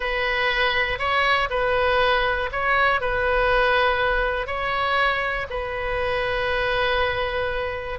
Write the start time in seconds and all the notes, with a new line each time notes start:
0.00 B4
0.98 C#5
1.50 B4
2.51 C#5
3.00 B4
4.46 C#5
5.50 B4